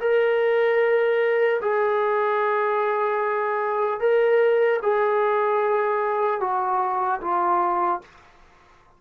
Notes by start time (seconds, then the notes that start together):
0.00 A#4
1.61 G#4
4.00 A#4
4.82 G#4
6.40 F#4
7.21 F4